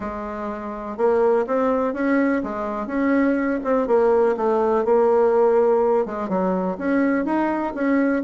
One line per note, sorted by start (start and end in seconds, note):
0.00 0.97 G#3
0.97 1.45 A#3
1.46 1.93 C4
1.93 2.42 C#4
2.43 2.87 G#3
2.87 3.59 C#4
3.64 3.87 C4
3.87 4.35 A#3
4.36 4.84 A3
4.84 6.05 A#3
6.05 6.28 G#3
6.28 6.77 F#3
6.77 7.25 C#4
7.25 7.73 D#4
7.74 8.23 C#4